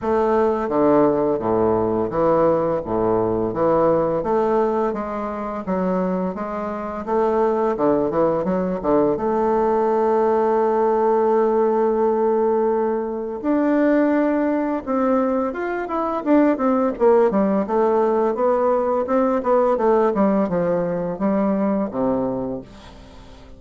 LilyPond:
\new Staff \with { instrumentName = "bassoon" } { \time 4/4 \tempo 4 = 85 a4 d4 a,4 e4 | a,4 e4 a4 gis4 | fis4 gis4 a4 d8 e8 | fis8 d8 a2.~ |
a2. d'4~ | d'4 c'4 f'8 e'8 d'8 c'8 | ais8 g8 a4 b4 c'8 b8 | a8 g8 f4 g4 c4 | }